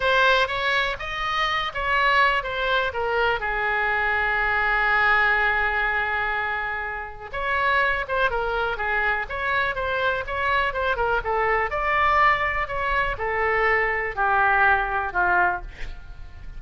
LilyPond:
\new Staff \with { instrumentName = "oboe" } { \time 4/4 \tempo 4 = 123 c''4 cis''4 dis''4. cis''8~ | cis''4 c''4 ais'4 gis'4~ | gis'1~ | gis'2. cis''4~ |
cis''8 c''8 ais'4 gis'4 cis''4 | c''4 cis''4 c''8 ais'8 a'4 | d''2 cis''4 a'4~ | a'4 g'2 f'4 | }